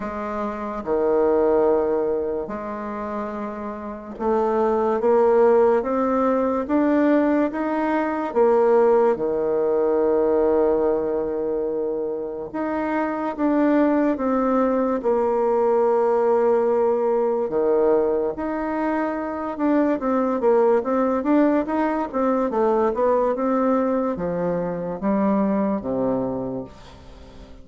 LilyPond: \new Staff \with { instrumentName = "bassoon" } { \time 4/4 \tempo 4 = 72 gis4 dis2 gis4~ | gis4 a4 ais4 c'4 | d'4 dis'4 ais4 dis4~ | dis2. dis'4 |
d'4 c'4 ais2~ | ais4 dis4 dis'4. d'8 | c'8 ais8 c'8 d'8 dis'8 c'8 a8 b8 | c'4 f4 g4 c4 | }